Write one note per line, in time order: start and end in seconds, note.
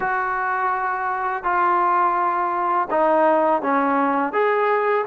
0.00 1.43 F#4
1.43 2.88 F4
2.90 3.62 D#4
3.62 4.32 C#4
4.32 5.05 G#4